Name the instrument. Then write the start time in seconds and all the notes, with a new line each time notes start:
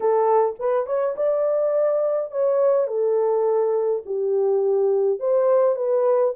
horn
0.00 A4
0.59 B4
0.86 C#5
1.16 D5
2.31 C#5
2.87 A4
4.05 G4
5.19 C5
5.75 B4